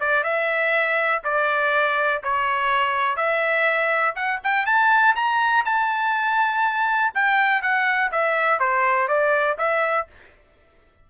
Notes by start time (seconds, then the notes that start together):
0.00 D5
0.23 E5
1.24 D5
2.23 C#5
3.17 E5
4.16 F#5
4.44 G5
4.66 A5
5.15 A#5
5.65 A5
7.14 G5
7.62 F#5
8.12 E5
8.60 C5
9.08 D5
9.58 E5